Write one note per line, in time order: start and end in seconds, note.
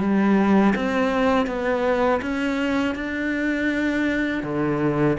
0.00 0.74 G3
0.75 1.46 C4
1.46 2.21 B3
2.22 2.95 C#4
2.95 4.43 D4
4.43 5.17 D3